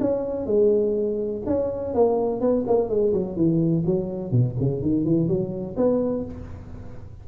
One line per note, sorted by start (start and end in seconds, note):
0.00 0.46 C#4
0.46 1.42 G#3
1.46 1.94 C#4
1.94 2.41 A#3
2.41 2.65 B3
2.67 2.89 A#3
2.89 3.13 G#3
3.13 3.36 F#3
3.36 3.84 E3
3.86 4.31 F#3
4.31 4.55 B2
4.60 4.82 C#3
4.82 5.04 D#3
5.04 5.28 E3
5.28 5.76 F#3
5.76 6.24 B3